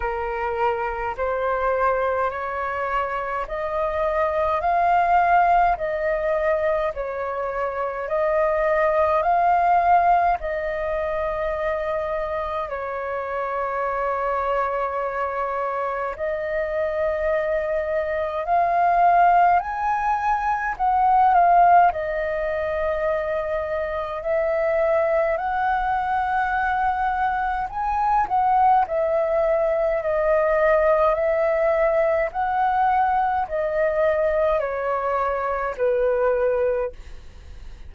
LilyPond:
\new Staff \with { instrumentName = "flute" } { \time 4/4 \tempo 4 = 52 ais'4 c''4 cis''4 dis''4 | f''4 dis''4 cis''4 dis''4 | f''4 dis''2 cis''4~ | cis''2 dis''2 |
f''4 gis''4 fis''8 f''8 dis''4~ | dis''4 e''4 fis''2 | gis''8 fis''8 e''4 dis''4 e''4 | fis''4 dis''4 cis''4 b'4 | }